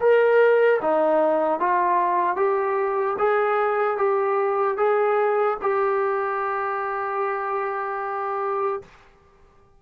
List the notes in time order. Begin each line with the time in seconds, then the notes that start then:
0.00 A#4
0.81 D#4
1.60 F4
2.36 G4
3.18 G#4
3.97 G4
4.77 G#4
5.61 G4